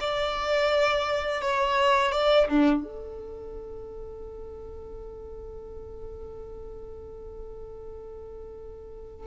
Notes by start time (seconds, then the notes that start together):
0.00 D5
1.41 C#5
2.12 D5
2.48 D4
2.84 A4